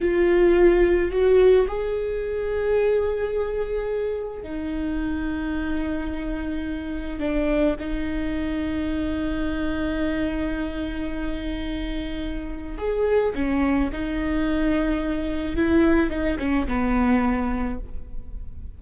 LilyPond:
\new Staff \with { instrumentName = "viola" } { \time 4/4 \tempo 4 = 108 f'2 fis'4 gis'4~ | gis'1 | dis'1~ | dis'4 d'4 dis'2~ |
dis'1~ | dis'2. gis'4 | cis'4 dis'2. | e'4 dis'8 cis'8 b2 | }